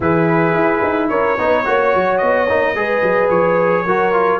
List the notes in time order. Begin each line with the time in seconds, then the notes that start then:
0.00 E3 E4 G#4 B4
0.54 E4
0.83 D#4
1.08 C#4 A#4 C#5
1.37 B3 D#4 B4
1.65 A#3 F#4 C#5
1.94 F#3
2.17 B3 D#5
2.48 A#3 D#4
2.74 G#3 G#4 B4
3.02 F#3
3.29 F3 C#5
3.85 F#3 F#4 A#4
4.12 F4